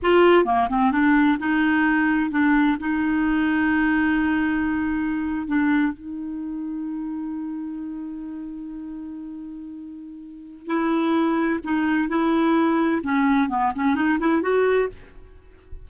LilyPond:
\new Staff \with { instrumentName = "clarinet" } { \time 4/4 \tempo 4 = 129 f'4 ais8 c'8 d'4 dis'4~ | dis'4 d'4 dis'2~ | dis'2.~ dis'8. d'16~ | d'8. dis'2.~ dis'16~ |
dis'1~ | dis'2. e'4~ | e'4 dis'4 e'2 | cis'4 b8 cis'8 dis'8 e'8 fis'4 | }